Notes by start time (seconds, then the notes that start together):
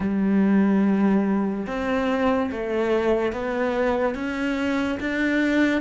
0.00 G3
1.67 C4
2.51 A3
3.32 B3
4.14 C#4
5.00 D4